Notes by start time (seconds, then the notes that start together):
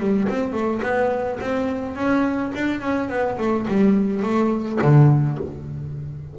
0.00 G3
0.29 C4
0.53 A3
0.83 B3
1.40 C4
1.96 C#4
2.55 D4
2.81 C#4
3.10 B3
3.38 A3
3.68 G3
4.23 A3
4.82 D3